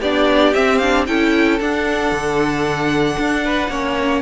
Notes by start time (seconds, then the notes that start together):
0.00 B3 D4 G4 D5
0.54 C4 E5
0.78 D4 F5
1.07 C#4 E4 A4 G5
1.60 D4 F#5
2.12 D3
3.18 D4
3.45 B4
3.69 A#3 C#4 C#5